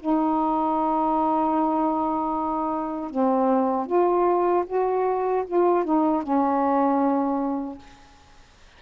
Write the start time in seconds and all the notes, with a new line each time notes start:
0.00 D#4
3.11 C4
3.86 F4
4.66 F#4
5.47 F4
5.85 D#4
6.23 C#4